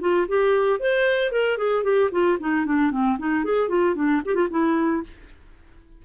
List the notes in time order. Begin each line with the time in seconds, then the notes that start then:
0.00 F4
0.28 G4
0.79 C5
1.32 A#4
1.57 G#4
1.83 G4
2.11 F4
2.39 D#4
2.65 D4
2.91 C4
3.18 D#4
3.44 G#4
3.69 F4
3.95 D4
4.25 G4
4.34 F4
4.50 E4